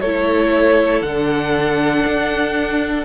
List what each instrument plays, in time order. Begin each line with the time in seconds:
0.00 cello A3, viola E4, violin A4 C#5
1.01 cello D3, viola D4, violin F#5
2.06 cello D4